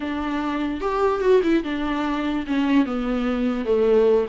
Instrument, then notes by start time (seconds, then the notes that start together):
viola
0.00 D4
0.81 G4
1.20 F#4
1.43 E4
1.63 D4
2.47 C#4
2.85 B3
3.65 A3